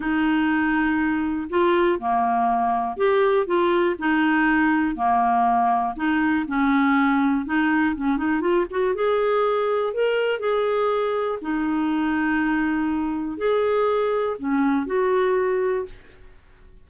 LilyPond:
\new Staff \with { instrumentName = "clarinet" } { \time 4/4 \tempo 4 = 121 dis'2. f'4 | ais2 g'4 f'4 | dis'2 ais2 | dis'4 cis'2 dis'4 |
cis'8 dis'8 f'8 fis'8 gis'2 | ais'4 gis'2 dis'4~ | dis'2. gis'4~ | gis'4 cis'4 fis'2 | }